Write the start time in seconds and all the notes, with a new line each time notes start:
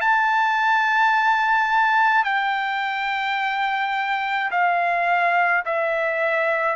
0.00 A5
2.24 G5
4.50 F5
5.65 E5